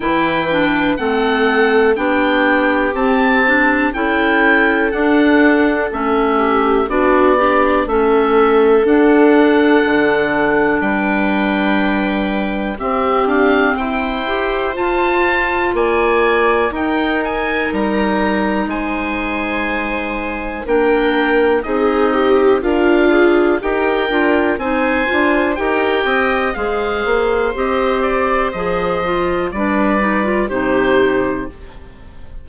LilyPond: <<
  \new Staff \with { instrumentName = "oboe" } { \time 4/4 \tempo 4 = 61 g''4 fis''4 g''4 a''4 | g''4 fis''4 e''4 d''4 | e''4 fis''2 g''4~ | g''4 e''8 f''8 g''4 a''4 |
gis''4 g''8 gis''8 ais''4 gis''4~ | gis''4 g''4 dis''4 f''4 | g''4 gis''4 g''4 f''4 | dis''8 d''8 dis''4 d''4 c''4 | }
  \new Staff \with { instrumentName = "viola" } { \time 4/4 b'4 a'4 g'2 | a'2~ a'8 g'8 fis'8 d'8 | a'2. b'4~ | b'4 g'4 c''2 |
d''4 ais'2 c''4~ | c''4 ais'4 gis'8 g'8 f'4 | ais'4 c''4 ais'8 dis''8 c''4~ | c''2 b'4 g'4 | }
  \new Staff \with { instrumentName = "clarinet" } { \time 4/4 e'8 d'8 c'4 d'4 c'8 d'8 | e'4 d'4 cis'4 d'8 g'8 | cis'4 d'2.~ | d'4 c'4. g'8 f'4~ |
f'4 dis'2.~ | dis'4 d'4 dis'4 ais'8 gis'8 | g'8 f'8 dis'8 f'8 g'4 gis'4 | g'4 gis'8 f'8 d'8 dis'16 f'16 dis'4 | }
  \new Staff \with { instrumentName = "bassoon" } { \time 4/4 e4 a4 b4 c'4 | cis'4 d'4 a4 b4 | a4 d'4 d4 g4~ | g4 c'8 d'8 e'4 f'4 |
ais4 dis'4 g4 gis4~ | gis4 ais4 c'4 d'4 | dis'8 d'8 c'8 d'8 dis'8 c'8 gis8 ais8 | c'4 f4 g4 c4 | }
>>